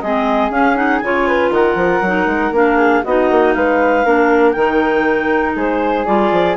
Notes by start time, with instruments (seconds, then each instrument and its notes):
0.00 bassoon G#3, clarinet C4 D#5, flute G#4
0.49 bassoon C#4, clarinet C#4 F5
0.75 clarinet D#4 F#5
0.99 bassoon C#3, clarinet F4 G#5
1.05 flute C#5
1.27 flute B4
1.50 bassoon D#3, flute A#4, clarinet F#5
1.74 bassoon F3
2.01 bassoon F#3, clarinet D#4
2.26 bassoon G#3
2.50 bassoon A#3, clarinet D4 F5
2.76 flute G#4
3.03 bassoon B3, clarinet D#4 D#5, flute F#4
3.30 bassoon A#3
3.53 bassoon G#3, flute B4, clarinet F5
4.04 bassoon A#3, clarinet D4, flute A#4
4.51 bassoon D#3, clarinet D#4 G5
5.55 bassoon G#3, flute G#4, clarinet C5
6.05 bassoon G3, clarinet F4 D5
6.31 bassoon F3